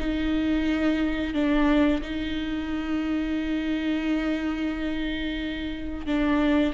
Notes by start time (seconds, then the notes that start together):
0.00 D#4
1.34 D4
2.02 D#4
6.07 D4